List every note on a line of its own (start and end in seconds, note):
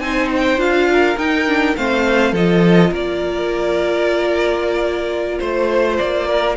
0.00 0.58 C4
0.00 0.58 D#4
0.00 0.90 C5
0.00 0.29 G#5
0.36 0.61 G5
0.58 1.16 D4
0.58 1.16 F4
0.58 1.18 F5
0.93 1.78 A#4
1.18 1.76 D#4
1.18 1.47 D#4
1.18 1.77 G5
1.48 1.77 D4
1.77 2.33 A3
1.77 2.36 C4
1.77 2.32 C5
1.77 2.35 F5
2.32 2.91 F3
2.32 6.57 F4
2.32 2.91 A4
2.32 2.94 D#5
2.91 5.39 A#3
2.91 5.39 A#4
2.91 5.39 D5
5.39 6.00 A3
5.39 5.97 C5
5.39 6.28 C5
5.98 6.57 A#3
5.98 6.56 D5
6.28 6.57 A#4